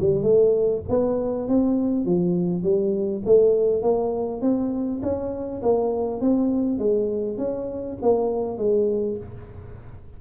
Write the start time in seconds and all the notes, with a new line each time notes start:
0.00 G3
0.23 A3
0.89 B3
1.48 C4
2.05 F3
2.63 G3
3.25 A3
3.82 A#3
4.41 C4
5.03 C#4
5.62 A#3
6.21 C4
6.79 G#3
7.38 C#4
8.02 A#3
8.58 G#3